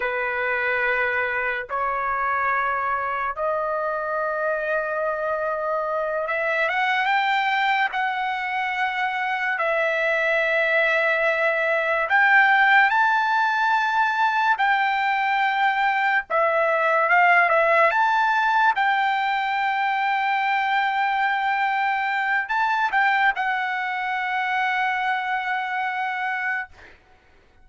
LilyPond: \new Staff \with { instrumentName = "trumpet" } { \time 4/4 \tempo 4 = 72 b'2 cis''2 | dis''2.~ dis''8 e''8 | fis''8 g''4 fis''2 e''8~ | e''2~ e''8 g''4 a''8~ |
a''4. g''2 e''8~ | e''8 f''8 e''8 a''4 g''4.~ | g''2. a''8 g''8 | fis''1 | }